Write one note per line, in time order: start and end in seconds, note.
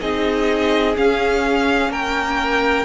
0.00 0.96 C4
0.00 0.95 D#4
0.00 1.91 G#4
0.00 0.96 D#5
0.96 2.85 C#4
0.96 1.89 C#4
0.96 1.92 F5
1.89 2.85 A#3
1.89 2.85 A#4
1.89 2.85 G5